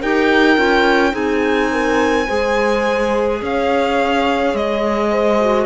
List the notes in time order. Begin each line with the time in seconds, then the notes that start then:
0.00 D#4 G4 A#4 G5
0.57 C#4 F4
1.11 C4 D#4 G#4 G#5
1.72 A#4
2.26 G#3 G#4 C5
3.41 C#4 C#5 F5
4.54 G#3 D#5
5.10 C5
5.40 F#4